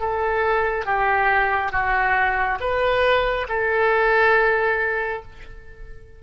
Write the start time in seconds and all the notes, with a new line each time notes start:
0.00 A4
0.85 G4
1.72 F#4
2.60 B4
3.49 A4